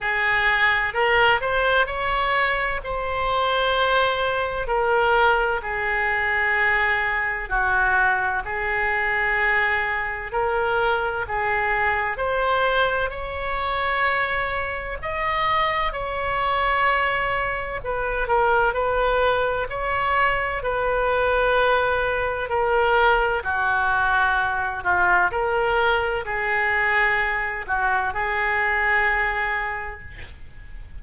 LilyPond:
\new Staff \with { instrumentName = "oboe" } { \time 4/4 \tempo 4 = 64 gis'4 ais'8 c''8 cis''4 c''4~ | c''4 ais'4 gis'2 | fis'4 gis'2 ais'4 | gis'4 c''4 cis''2 |
dis''4 cis''2 b'8 ais'8 | b'4 cis''4 b'2 | ais'4 fis'4. f'8 ais'4 | gis'4. fis'8 gis'2 | }